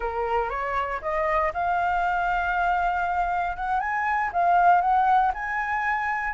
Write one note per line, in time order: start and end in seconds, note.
0.00 0.49 A#4
0.49 1.00 C#5
1.01 1.52 D#5
1.53 3.56 F5
3.56 3.80 F#5
3.80 4.30 G#5
4.32 4.81 F5
4.81 5.32 F#5
5.34 6.33 G#5